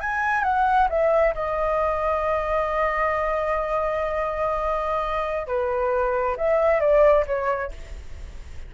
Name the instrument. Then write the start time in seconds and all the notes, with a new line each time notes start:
flute
0.00 G#5
0.44 F#5
0.89 E5
1.35 D#5
5.47 B4
6.37 E5
6.80 D5
7.26 C#5